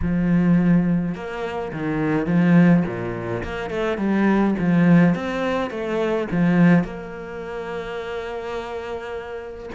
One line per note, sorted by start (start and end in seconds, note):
0.02 1.14 F3
1.14 1.71 A#3
1.72 2.26 D#3
2.26 2.83 F3
2.86 3.43 A#2
3.43 3.70 A#3
3.70 3.97 A3
3.97 4.55 G3
4.58 5.15 F3
5.15 5.70 C4
5.70 6.27 A3
6.31 6.84 F3
6.84 9.69 A#3